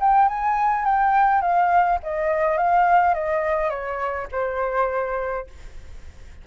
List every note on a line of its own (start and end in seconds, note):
0.00 0.28 G5
0.28 0.85 G#5
0.85 1.41 G5
1.41 1.99 F5
2.03 2.57 D#5
2.57 3.14 F5
3.14 3.69 D#5
3.69 4.27 C#5
4.31 5.47 C5